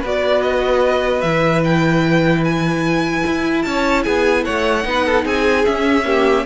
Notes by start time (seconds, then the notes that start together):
0.00 B3 F#4 B4 D5
0.42 D#5
1.21 E3 E4 E5
1.64 G5
2.44 G#5
3.26 E4
3.63 C#4 C#5 A5
4.04 B3 G#4 G#5
4.45 A3 C#5 F#5
4.83 B3 D#4
4.90 B4
5.06 A4
5.24 C4 G#4 G#5
5.66 C#4 E5
6.05 A#3 G4